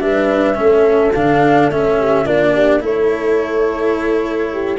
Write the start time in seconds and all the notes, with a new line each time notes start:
0.00 G3 D4 B4 E5
0.54 A3 C#4 A4
1.14 D3 D4 F5
1.70 A3 C#4 E5
1.99 G4
2.24 A#3 D4 F4 D5
2.54 G4
2.80 A3 E4 A4 C#5
4.52 G4